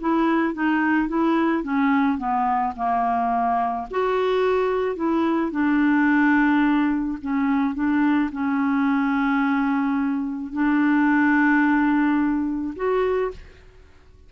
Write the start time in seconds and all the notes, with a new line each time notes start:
0.00 E4
0.54 D#4
1.08 E4
1.63 C#4
2.18 B3
2.76 A#3
3.91 F#4
4.96 E4
5.52 D4
7.21 C#4
7.74 D4
8.32 C#4
10.52 D4
12.76 F#4